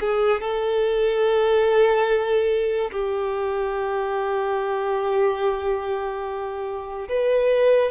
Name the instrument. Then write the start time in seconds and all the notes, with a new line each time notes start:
violin
0.00 G#4
0.41 A4
2.92 G4
7.09 B4